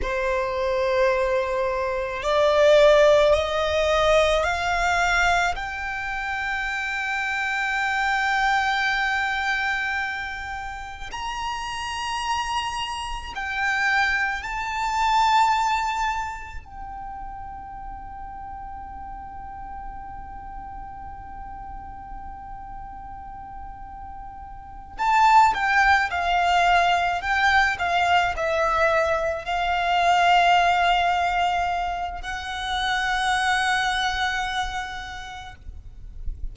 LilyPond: \new Staff \with { instrumentName = "violin" } { \time 4/4 \tempo 4 = 54 c''2 d''4 dis''4 | f''4 g''2.~ | g''2 ais''2 | g''4 a''2 g''4~ |
g''1~ | g''2~ g''8 a''8 g''8 f''8~ | f''8 g''8 f''8 e''4 f''4.~ | f''4 fis''2. | }